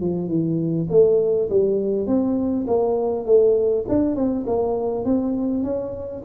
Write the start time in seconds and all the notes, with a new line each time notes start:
0.00 F3
0.28 E3
0.89 A3
1.49 G3
2.06 C4
2.67 A#3
3.25 A3
3.88 D4
4.15 C4
4.46 A#3
5.04 C4
5.63 C#4